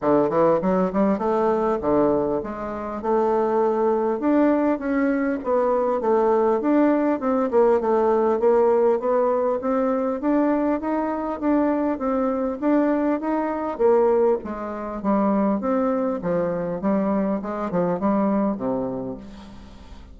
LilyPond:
\new Staff \with { instrumentName = "bassoon" } { \time 4/4 \tempo 4 = 100 d8 e8 fis8 g8 a4 d4 | gis4 a2 d'4 | cis'4 b4 a4 d'4 | c'8 ais8 a4 ais4 b4 |
c'4 d'4 dis'4 d'4 | c'4 d'4 dis'4 ais4 | gis4 g4 c'4 f4 | g4 gis8 f8 g4 c4 | }